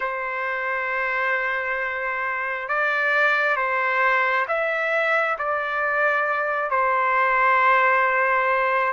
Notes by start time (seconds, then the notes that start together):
0.00 C5
2.68 D5
3.56 C5
4.48 E5
5.38 D5
6.70 C5